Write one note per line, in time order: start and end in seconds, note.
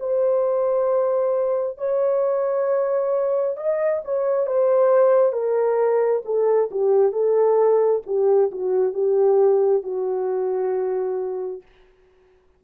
0.00 1.78 C5
1.78 3.57 C#5
3.57 4.02 D#5
4.05 4.47 C#5
4.47 5.33 C5
5.33 6.22 A#4
6.25 6.70 A4
6.71 7.12 G4
7.12 8.02 A4
8.06 8.51 G4
8.52 8.94 F#4
8.94 9.83 G4
9.83 11.63 F#4